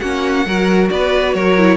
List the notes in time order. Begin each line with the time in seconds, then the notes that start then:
0.00 A#3 C#4 F#4 F#5
0.46 F#3 F#4 A#4
0.90 B3 B4 D5
1.34 F#3 A#4 C#5
1.58 E4